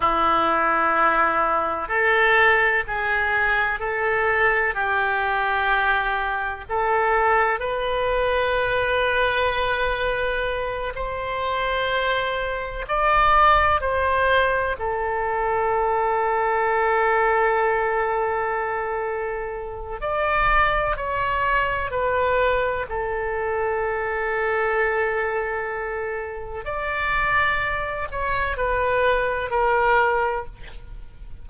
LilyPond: \new Staff \with { instrumentName = "oboe" } { \time 4/4 \tempo 4 = 63 e'2 a'4 gis'4 | a'4 g'2 a'4 | b'2.~ b'8 c''8~ | c''4. d''4 c''4 a'8~ |
a'1~ | a'4 d''4 cis''4 b'4 | a'1 | d''4. cis''8 b'4 ais'4 | }